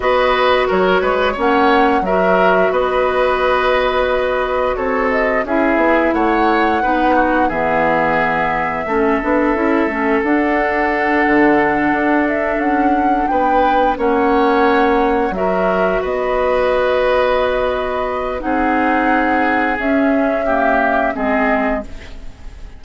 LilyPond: <<
  \new Staff \with { instrumentName = "flute" } { \time 4/4 \tempo 4 = 88 dis''4 cis''4 fis''4 e''4 | dis''2. cis''8 dis''8 | e''4 fis''2 e''4~ | e''2. fis''4~ |
fis''2 e''8 fis''4 g''8~ | g''8 fis''2 e''4 dis''8~ | dis''2. fis''4~ | fis''4 e''2 dis''4 | }
  \new Staff \with { instrumentName = "oboe" } { \time 4/4 b'4 ais'8 b'8 cis''4 ais'4 | b'2. a'4 | gis'4 cis''4 b'8 fis'8 gis'4~ | gis'4 a'2.~ |
a'2.~ a'8 b'8~ | b'8 cis''2 ais'4 b'8~ | b'2. gis'4~ | gis'2 g'4 gis'4 | }
  \new Staff \with { instrumentName = "clarinet" } { \time 4/4 fis'2 cis'4 fis'4~ | fis'1 | e'2 dis'4 b4~ | b4 cis'8 d'8 e'8 cis'8 d'4~ |
d'1~ | d'8 cis'2 fis'4.~ | fis'2. dis'4~ | dis'4 cis'4 ais4 c'4 | }
  \new Staff \with { instrumentName = "bassoon" } { \time 4/4 b4 fis8 gis8 ais4 fis4 | b2. c'4 | cis'8 b8 a4 b4 e4~ | e4 a8 b8 cis'8 a8 d'4~ |
d'8 d4 d'4 cis'4 b8~ | b8 ais2 fis4 b8~ | b2. c'4~ | c'4 cis'2 gis4 | }
>>